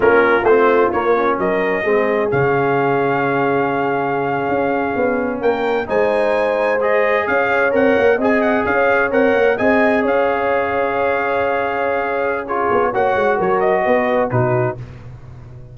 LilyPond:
<<
  \new Staff \with { instrumentName = "trumpet" } { \time 4/4 \tempo 4 = 130 ais'4 c''4 cis''4 dis''4~ | dis''4 f''2.~ | f''2.~ f''8. g''16~ | g''8. gis''2 dis''4 f''16~ |
f''8. fis''4 gis''8 fis''8 f''4 fis''16~ | fis''8. gis''4 f''2~ f''16~ | f''2. cis''4 | fis''4 cis''8 dis''4. b'4 | }
  \new Staff \with { instrumentName = "horn" } { \time 4/4 f'2. ais'4 | gis'1~ | gis'2.~ gis'8. ais'16~ | ais'8. c''2. cis''16~ |
cis''4.~ cis''16 dis''4 cis''4~ cis''16~ | cis''8. dis''4 cis''2~ cis''16~ | cis''2. gis'4 | cis''4 ais'4 b'4 fis'4 | }
  \new Staff \with { instrumentName = "trombone" } { \time 4/4 cis'4 c'4 ais8 cis'4. | c'4 cis'2.~ | cis'1~ | cis'8. dis'2 gis'4~ gis'16~ |
gis'8. ais'4 gis'2 ais'16~ | ais'8. gis'2.~ gis'16~ | gis'2. f'4 | fis'2. dis'4 | }
  \new Staff \with { instrumentName = "tuba" } { \time 4/4 ais4 a4 ais4 fis4 | gis4 cis2.~ | cis4.~ cis16 cis'4 b4 ais16~ | ais8. gis2. cis'16~ |
cis'8. c'8 ais8 c'4 cis'4 c'16~ | c'16 ais8 c'4 cis'2~ cis'16~ | cis'2.~ cis'8 b8 | ais8 gis8 fis4 b4 b,4 | }
>>